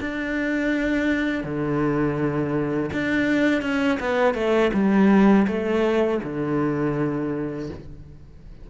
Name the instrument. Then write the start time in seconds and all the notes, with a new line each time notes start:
cello
0.00 D4
1.43 D3
2.93 D4
3.62 C#4
4.00 B3
4.34 A3
4.73 G3
5.47 A3
6.23 D3